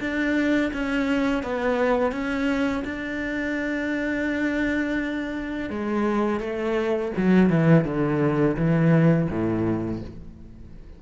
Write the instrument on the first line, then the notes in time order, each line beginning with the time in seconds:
cello
0.00 D4
0.73 C#4
1.43 B3
2.12 C#4
2.85 D4
5.69 G#3
6.40 A3
7.17 F#3
7.50 E3
7.85 D3
8.56 E3
9.30 A2